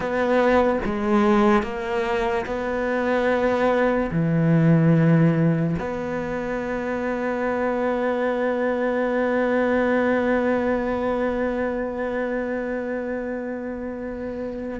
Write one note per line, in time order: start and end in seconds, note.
0.00 0.79 B3
0.85 1.63 G#3
1.63 2.45 A#3
2.46 4.10 B3
4.11 5.75 E3
5.78 14.80 B3